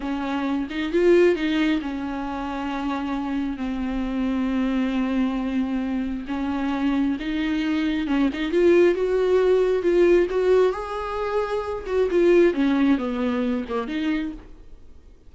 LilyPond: \new Staff \with { instrumentName = "viola" } { \time 4/4 \tempo 4 = 134 cis'4. dis'8 f'4 dis'4 | cis'1 | c'1~ | c'2 cis'2 |
dis'2 cis'8 dis'8 f'4 | fis'2 f'4 fis'4 | gis'2~ gis'8 fis'8 f'4 | cis'4 b4. ais8 dis'4 | }